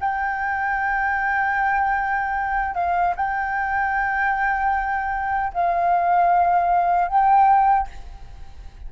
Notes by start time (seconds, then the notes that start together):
0.00 G5
2.75 F5
3.15 G5
5.53 F5
7.08 G5